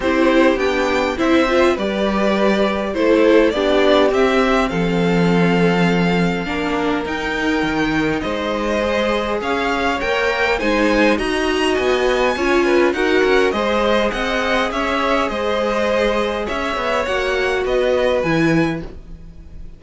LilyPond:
<<
  \new Staff \with { instrumentName = "violin" } { \time 4/4 \tempo 4 = 102 c''4 g''4 e''4 d''4~ | d''4 c''4 d''4 e''4 | f''1 | g''2 dis''2 |
f''4 g''4 gis''4 ais''4 | gis''2 fis''4 dis''4 | fis''4 e''4 dis''2 | e''4 fis''4 dis''4 gis''4 | }
  \new Staff \with { instrumentName = "violin" } { \time 4/4 g'2 c''4 b'4~ | b'4 a'4 g'2 | a'2. ais'4~ | ais'2 c''2 |
cis''2 c''4 dis''4~ | dis''4 cis''8 b'8 ais'4 c''4 | dis''4 cis''4 c''2 | cis''2 b'2 | }
  \new Staff \with { instrumentName = "viola" } { \time 4/4 e'4 d'4 e'8 f'8 g'4~ | g'4 e'4 d'4 c'4~ | c'2. d'4 | dis'2. gis'4~ |
gis'4 ais'4 dis'4 fis'4~ | fis'4 f'4 fis'4 gis'4~ | gis'1~ | gis'4 fis'2 e'4 | }
  \new Staff \with { instrumentName = "cello" } { \time 4/4 c'4 b4 c'4 g4~ | g4 a4 b4 c'4 | f2. ais4 | dis'4 dis4 gis2 |
cis'4 ais4 gis4 dis'4 | b4 cis'4 dis'8 cis'8 gis4 | c'4 cis'4 gis2 | cis'8 b8 ais4 b4 e4 | }
>>